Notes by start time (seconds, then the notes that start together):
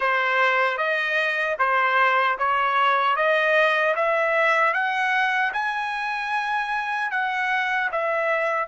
0.00 C5
0.77 D#5
1.58 C5
2.38 C#5
3.16 D#5
3.95 E5
4.73 F#5
5.53 G#5
7.11 F#5
7.91 E5